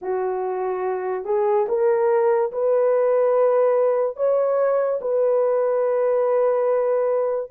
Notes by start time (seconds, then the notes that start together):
0.02 F#4
1.24 G#4
1.68 A#4
2.52 B4
4.16 C#5
5.01 B4